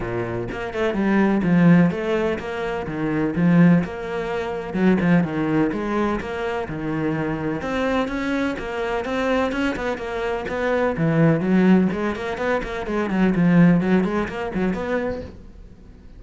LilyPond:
\new Staff \with { instrumentName = "cello" } { \time 4/4 \tempo 4 = 126 ais,4 ais8 a8 g4 f4 | a4 ais4 dis4 f4 | ais2 fis8 f8 dis4 | gis4 ais4 dis2 |
c'4 cis'4 ais4 c'4 | cis'8 b8 ais4 b4 e4 | fis4 gis8 ais8 b8 ais8 gis8 fis8 | f4 fis8 gis8 ais8 fis8 b4 | }